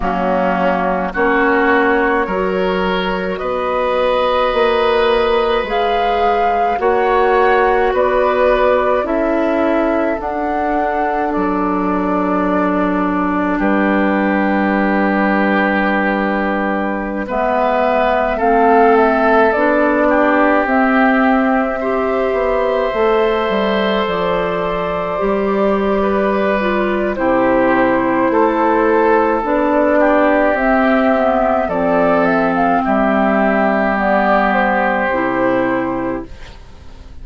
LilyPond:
<<
  \new Staff \with { instrumentName = "flute" } { \time 4/4 \tempo 4 = 53 fis'4 cis''2 dis''4~ | dis''4 f''4 fis''4 d''4 | e''4 fis''4 d''2 | b'2.~ b'16 e''8.~ |
e''16 f''8 e''8 d''4 e''4.~ e''16~ | e''4~ e''16 d''2~ d''8. | c''2 d''4 e''4 | d''8 e''16 f''16 e''4 d''8 c''4. | }
  \new Staff \with { instrumentName = "oboe" } { \time 4/4 cis'4 fis'4 ais'4 b'4~ | b'2 cis''4 b'4 | a'1 | g'2.~ g'16 b'8.~ |
b'16 a'4. g'4. c''8.~ | c''2. b'4 | g'4 a'4. g'4. | a'4 g'2. | }
  \new Staff \with { instrumentName = "clarinet" } { \time 4/4 ais4 cis'4 fis'2~ | fis'4 gis'4 fis'2 | e'4 d'2.~ | d'2.~ d'16 b8.~ |
b16 c'4 d'4 c'4 g'8.~ | g'16 a'2 g'4~ g'16 f'8 | e'2 d'4 c'8 b8 | c'2 b4 e'4 | }
  \new Staff \with { instrumentName = "bassoon" } { \time 4/4 fis4 ais4 fis4 b4 | ais4 gis4 ais4 b4 | cis'4 d'4 fis2 | g2.~ g16 gis8.~ |
gis16 a4 b4 c'4. b16~ | b16 a8 g8 f4 g4.~ g16 | c4 a4 b4 c'4 | f4 g2 c4 | }
>>